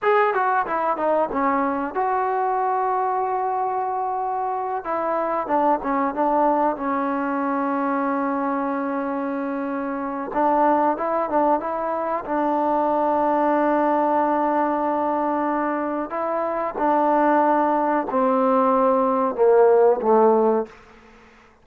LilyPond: \new Staff \with { instrumentName = "trombone" } { \time 4/4 \tempo 4 = 93 gis'8 fis'8 e'8 dis'8 cis'4 fis'4~ | fis'2.~ fis'8 e'8~ | e'8 d'8 cis'8 d'4 cis'4.~ | cis'1 |
d'4 e'8 d'8 e'4 d'4~ | d'1~ | d'4 e'4 d'2 | c'2 ais4 a4 | }